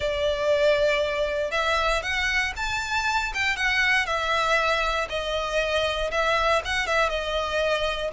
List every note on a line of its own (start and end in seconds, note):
0.00 1.51 D5
1.51 2.02 E5
2.02 2.53 F#5
2.56 3.32 A5
3.34 3.56 G5
3.56 4.06 F#5
4.06 5.07 E5
5.09 6.11 D#5
6.11 6.61 E5
6.64 6.86 F#5
6.86 7.09 E5
7.09 8.11 D#5